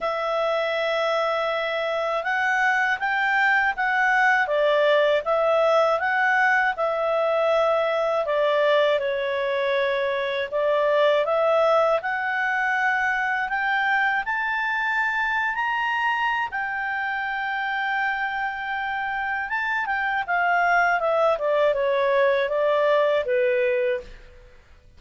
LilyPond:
\new Staff \with { instrumentName = "clarinet" } { \time 4/4 \tempo 4 = 80 e''2. fis''4 | g''4 fis''4 d''4 e''4 | fis''4 e''2 d''4 | cis''2 d''4 e''4 |
fis''2 g''4 a''4~ | a''8. ais''4~ ais''16 g''2~ | g''2 a''8 g''8 f''4 | e''8 d''8 cis''4 d''4 b'4 | }